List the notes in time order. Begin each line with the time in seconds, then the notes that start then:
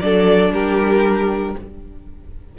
0.00 F#3 D4 A4 D5
0.51 G3 G4 A#4